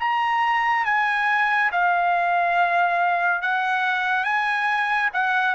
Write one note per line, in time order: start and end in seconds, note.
0.00 0.85 A#5
0.85 1.71 G#5
1.72 3.42 F5
3.42 4.24 F#5
4.24 5.10 G#5
5.14 5.55 F#5